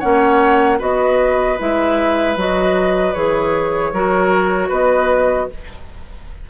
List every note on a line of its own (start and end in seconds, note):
0.00 0.81 A#3
0.00 0.79 C#4
0.00 0.78 C#5
0.00 0.78 F#5
0.79 1.59 B3
0.79 1.57 F#4
0.79 3.90 B4
0.79 1.59 D#5
1.59 2.37 G#3
1.59 2.37 E4
1.59 2.38 E5
2.37 3.14 F#3
2.37 3.15 F#4
2.37 3.14 D#5
3.14 3.93 E3
3.14 3.93 G#4
3.14 4.70 C#5
3.93 4.70 F#3
3.93 5.50 F#4
3.93 4.69 A#4
4.69 5.49 B3
4.69 5.47 B4
4.69 5.50 D#5